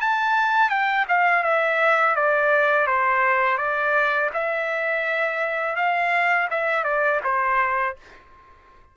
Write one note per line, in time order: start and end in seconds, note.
0.00 0.69 A5
0.69 1.05 G5
1.08 1.43 F5
1.43 2.16 E5
2.16 2.87 D5
2.87 3.58 C5
3.58 4.30 D5
4.33 5.76 E5
5.76 6.48 F5
6.51 6.84 E5
6.84 7.20 D5
7.24 7.96 C5